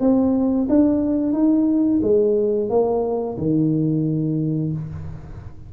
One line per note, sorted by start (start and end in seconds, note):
0.00 0.67 C4
0.69 1.33 D4
1.33 2.00 D#4
2.02 2.69 G#3
2.69 3.37 A#3
3.38 4.73 D#3